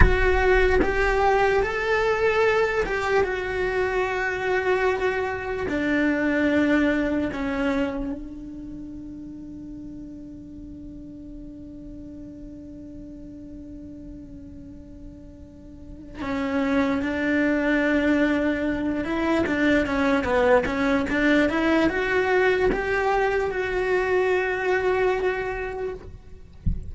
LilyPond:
\new Staff \with { instrumentName = "cello" } { \time 4/4 \tempo 4 = 74 fis'4 g'4 a'4. g'8 | fis'2. d'4~ | d'4 cis'4 d'2~ | d'1~ |
d'1 | cis'4 d'2~ d'8 e'8 | d'8 cis'8 b8 cis'8 d'8 e'8 fis'4 | g'4 fis'2. | }